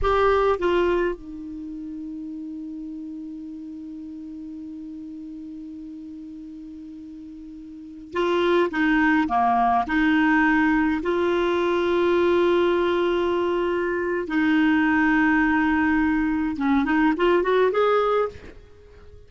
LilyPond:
\new Staff \with { instrumentName = "clarinet" } { \time 4/4 \tempo 4 = 105 g'4 f'4 dis'2~ | dis'1~ | dis'1~ | dis'2~ dis'16 f'4 dis'8.~ |
dis'16 ais4 dis'2 f'8.~ | f'1~ | f'4 dis'2.~ | dis'4 cis'8 dis'8 f'8 fis'8 gis'4 | }